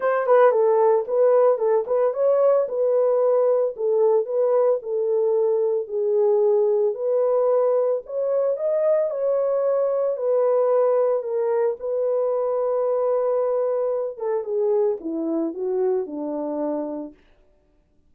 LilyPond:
\new Staff \with { instrumentName = "horn" } { \time 4/4 \tempo 4 = 112 c''8 b'8 a'4 b'4 a'8 b'8 | cis''4 b'2 a'4 | b'4 a'2 gis'4~ | gis'4 b'2 cis''4 |
dis''4 cis''2 b'4~ | b'4 ais'4 b'2~ | b'2~ b'8 a'8 gis'4 | e'4 fis'4 d'2 | }